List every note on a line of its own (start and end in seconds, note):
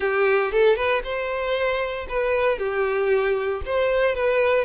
0.00 0.52 G4
0.52 0.76 A4
0.76 1.02 B4
1.03 2.06 C5
2.09 2.58 B4
2.58 3.62 G4
3.65 4.15 C5
4.15 4.65 B4